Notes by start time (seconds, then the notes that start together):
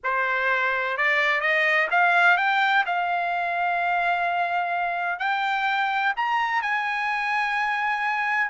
0.03 C5
0.97 D5
1.40 D#5
1.90 F5
2.37 G5
2.85 F5
5.19 G5
6.16 A#5
6.61 G#5